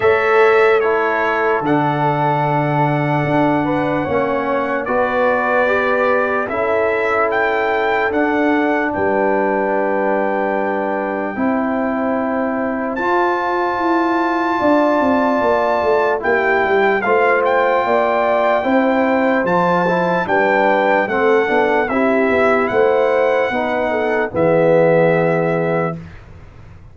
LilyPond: <<
  \new Staff \with { instrumentName = "trumpet" } { \time 4/4 \tempo 4 = 74 e''4 cis''4 fis''2~ | fis''2 d''2 | e''4 g''4 fis''4 g''4~ | g''1 |
a''1 | g''4 f''8 g''2~ g''8 | a''4 g''4 fis''4 e''4 | fis''2 e''2 | }
  \new Staff \with { instrumentName = "horn" } { \time 4/4 cis''4 a'2.~ | a'8 b'8 cis''4 b'2 | a'2. b'4~ | b'2 c''2~ |
c''2 d''2 | g'4 c''4 d''4 c''4~ | c''4 b'4 a'4 g'4 | c''4 b'8 a'8 gis'2 | }
  \new Staff \with { instrumentName = "trombone" } { \time 4/4 a'4 e'4 d'2~ | d'4 cis'4 fis'4 g'4 | e'2 d'2~ | d'2 e'2 |
f'1 | e'4 f'2 e'4 | f'8 e'8 d'4 c'8 d'8 e'4~ | e'4 dis'4 b2 | }
  \new Staff \with { instrumentName = "tuba" } { \time 4/4 a2 d2 | d'4 ais4 b2 | cis'2 d'4 g4~ | g2 c'2 |
f'4 e'4 d'8 c'8 ais8 a8 | ais8 g8 a4 ais4 c'4 | f4 g4 a8 b8 c'8 b8 | a4 b4 e2 | }
>>